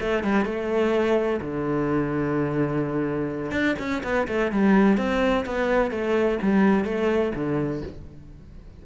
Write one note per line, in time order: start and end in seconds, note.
0.00 0.23 A3
0.23 0.45 G3
0.45 1.40 A3
1.40 3.51 D3
3.51 3.75 D4
3.79 4.02 C#4
4.03 4.27 B3
4.28 4.52 A3
4.52 4.97 G3
4.97 5.45 C4
5.45 5.91 B3
5.91 6.38 A3
6.42 6.84 G3
6.84 7.32 A3
7.35 7.82 D3